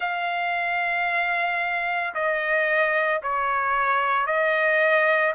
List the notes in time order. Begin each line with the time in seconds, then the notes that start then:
0.00 F5
2.14 D#5
3.22 C#5
4.26 D#5